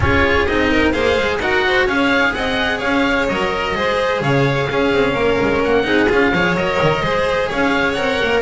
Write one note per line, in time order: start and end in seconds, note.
0.00 0.47 C#4
0.00 0.47 F4
0.00 0.71 G#4
0.00 0.46 C#5
0.46 0.95 C4
0.46 0.93 D#4
0.46 0.91 D#5
0.71 0.91 A#4
0.91 1.17 A#3
0.91 1.40 G#4
0.91 1.38 C5
0.91 1.38 F5
1.17 1.39 G#3
1.39 1.86 D#4
1.39 1.89 F#4
1.39 1.65 A#4
1.39 1.87 F#5
1.66 1.86 C5
1.86 2.32 C#4
1.86 3.29 G#4
1.86 2.33 C#5
1.86 2.34 F5
2.34 2.81 C4
2.34 2.77 D#5
2.34 2.80 F#5
2.77 3.28 C#4
2.77 3.71 C#5
2.77 3.27 F5
3.28 3.75 F#3
3.28 3.75 A#4
3.28 4.21 D#5
3.75 4.20 G#3
3.75 4.68 G#4
3.75 4.22 C5
4.20 4.67 C#3
4.20 4.69 C#5
4.20 5.62 F5
4.69 5.83 C#4
4.69 4.92 C#4
4.69 5.13 G#4
4.92 5.14 C4
5.13 5.38 A#3
5.13 5.84 A#4
5.41 5.65 G#3
5.64 5.85 A#3
5.64 6.11 F#5
5.83 6.09 C4
5.83 6.07 D#4
5.83 6.33 G#4
6.09 6.32 C#4
6.09 6.33 F4
6.09 6.55 F5
6.32 6.55 F3
6.32 6.57 G#4
6.32 7.03 C#5
6.55 6.78 F#3
6.55 7.03 A#4
6.55 7.49 D#5
6.82 7.01 D#3
7.01 7.48 G#3
7.01 7.96 G#4
7.01 7.48 C5
7.48 7.97 C#4
7.48 8.41 C#5
7.48 7.93 F5
7.93 8.20 C4
7.93 8.41 A#4
7.93 8.40 F#5
8.23 8.41 A#3